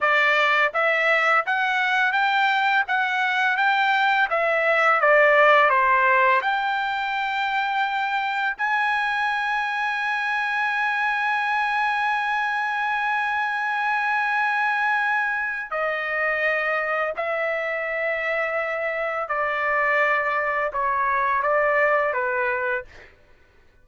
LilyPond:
\new Staff \with { instrumentName = "trumpet" } { \time 4/4 \tempo 4 = 84 d''4 e''4 fis''4 g''4 | fis''4 g''4 e''4 d''4 | c''4 g''2. | gis''1~ |
gis''1~ | gis''2 dis''2 | e''2. d''4~ | d''4 cis''4 d''4 b'4 | }